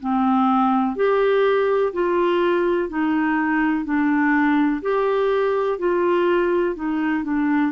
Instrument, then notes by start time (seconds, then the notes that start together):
clarinet
0.00 C4
0.96 G4
1.93 F4
2.89 D#4
3.85 D4
4.82 G4
5.79 F4
6.76 D#4
7.24 D4